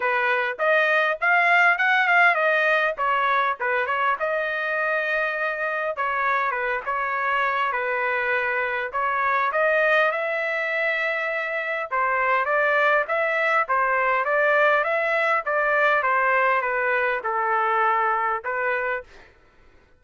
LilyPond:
\new Staff \with { instrumentName = "trumpet" } { \time 4/4 \tempo 4 = 101 b'4 dis''4 f''4 fis''8 f''8 | dis''4 cis''4 b'8 cis''8 dis''4~ | dis''2 cis''4 b'8 cis''8~ | cis''4 b'2 cis''4 |
dis''4 e''2. | c''4 d''4 e''4 c''4 | d''4 e''4 d''4 c''4 | b'4 a'2 b'4 | }